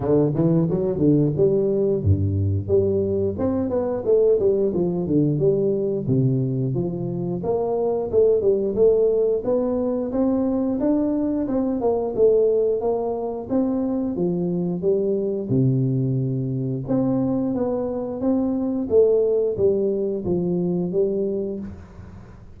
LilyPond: \new Staff \with { instrumentName = "tuba" } { \time 4/4 \tempo 4 = 89 d8 e8 fis8 d8 g4 g,4 | g4 c'8 b8 a8 g8 f8 d8 | g4 c4 f4 ais4 | a8 g8 a4 b4 c'4 |
d'4 c'8 ais8 a4 ais4 | c'4 f4 g4 c4~ | c4 c'4 b4 c'4 | a4 g4 f4 g4 | }